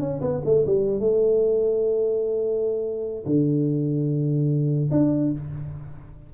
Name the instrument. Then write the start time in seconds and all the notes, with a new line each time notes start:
tuba
0.00 C#4
0.21 B3
0.45 A3
0.66 G3
1.00 A3
3.26 D3
4.91 D4